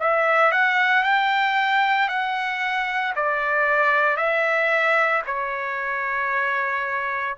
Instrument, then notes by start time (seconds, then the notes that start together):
trumpet
0.00 E5
0.52 F#5
1.03 G5
2.09 F#5
3.15 D5
4.17 E5
5.26 C#5